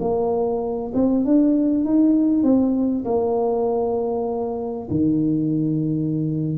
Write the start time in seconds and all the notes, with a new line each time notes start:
0.00 A#3
0.94 C4
1.25 D4
1.85 D#4
2.43 C4
3.05 A#3
4.91 D#3